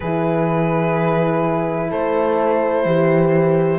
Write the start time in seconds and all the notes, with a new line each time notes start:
0.00 E3 E4 G#4 B4
1.90 A3 A4 C5
2.85 E3 G4